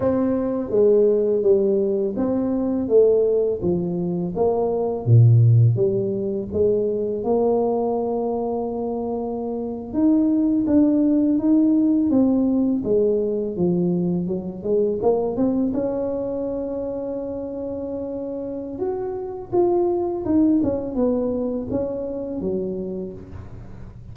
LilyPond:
\new Staff \with { instrumentName = "tuba" } { \time 4/4 \tempo 4 = 83 c'4 gis4 g4 c'4 | a4 f4 ais4 ais,4 | g4 gis4 ais2~ | ais4.~ ais16 dis'4 d'4 dis'16~ |
dis'8. c'4 gis4 f4 fis16~ | fis16 gis8 ais8 c'8 cis'2~ cis'16~ | cis'2 fis'4 f'4 | dis'8 cis'8 b4 cis'4 fis4 | }